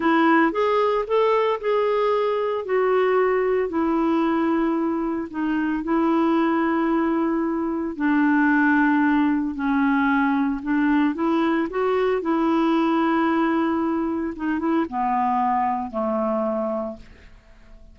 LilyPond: \new Staff \with { instrumentName = "clarinet" } { \time 4/4 \tempo 4 = 113 e'4 gis'4 a'4 gis'4~ | gis'4 fis'2 e'4~ | e'2 dis'4 e'4~ | e'2. d'4~ |
d'2 cis'2 | d'4 e'4 fis'4 e'4~ | e'2. dis'8 e'8 | b2 a2 | }